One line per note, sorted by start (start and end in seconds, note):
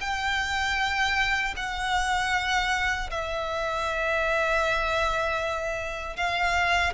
0.00 1.54 G5
1.56 3.10 F#5
3.10 6.16 E5
6.16 6.93 F5